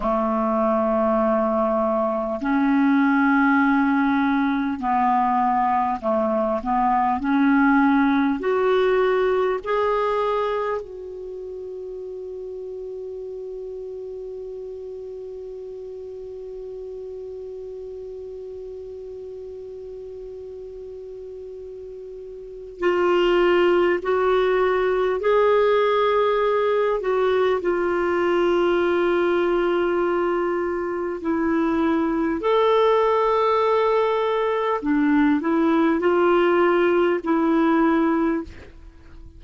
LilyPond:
\new Staff \with { instrumentName = "clarinet" } { \time 4/4 \tempo 4 = 50 a2 cis'2 | b4 a8 b8 cis'4 fis'4 | gis'4 fis'2.~ | fis'1~ |
fis'2. f'4 | fis'4 gis'4. fis'8 f'4~ | f'2 e'4 a'4~ | a'4 d'8 e'8 f'4 e'4 | }